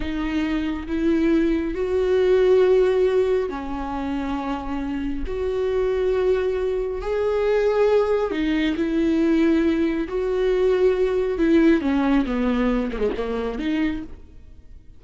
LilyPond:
\new Staff \with { instrumentName = "viola" } { \time 4/4 \tempo 4 = 137 dis'2 e'2 | fis'1 | cis'1 | fis'1 |
gis'2. dis'4 | e'2. fis'4~ | fis'2 e'4 cis'4 | b4. ais16 gis16 ais4 dis'4 | }